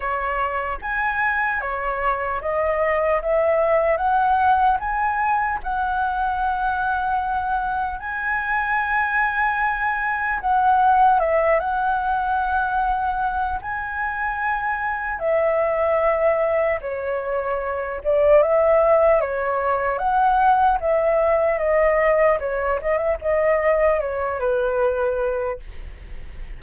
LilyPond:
\new Staff \with { instrumentName = "flute" } { \time 4/4 \tempo 4 = 75 cis''4 gis''4 cis''4 dis''4 | e''4 fis''4 gis''4 fis''4~ | fis''2 gis''2~ | gis''4 fis''4 e''8 fis''4.~ |
fis''4 gis''2 e''4~ | e''4 cis''4. d''8 e''4 | cis''4 fis''4 e''4 dis''4 | cis''8 dis''16 e''16 dis''4 cis''8 b'4. | }